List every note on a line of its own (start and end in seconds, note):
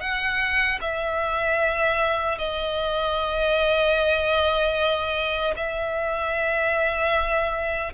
0.00 0.79 F#5
0.81 2.38 E5
2.38 5.54 D#5
5.56 7.93 E5